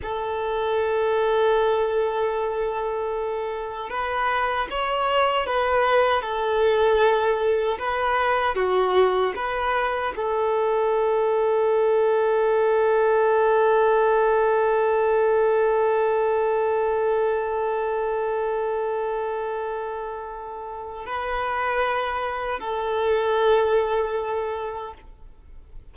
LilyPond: \new Staff \with { instrumentName = "violin" } { \time 4/4 \tempo 4 = 77 a'1~ | a'4 b'4 cis''4 b'4 | a'2 b'4 fis'4 | b'4 a'2.~ |
a'1~ | a'1~ | a'2. b'4~ | b'4 a'2. | }